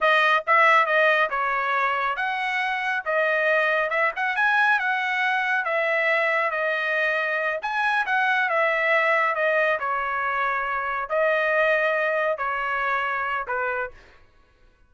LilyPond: \new Staff \with { instrumentName = "trumpet" } { \time 4/4 \tempo 4 = 138 dis''4 e''4 dis''4 cis''4~ | cis''4 fis''2 dis''4~ | dis''4 e''8 fis''8 gis''4 fis''4~ | fis''4 e''2 dis''4~ |
dis''4. gis''4 fis''4 e''8~ | e''4. dis''4 cis''4.~ | cis''4. dis''2~ dis''8~ | dis''8 cis''2~ cis''8 b'4 | }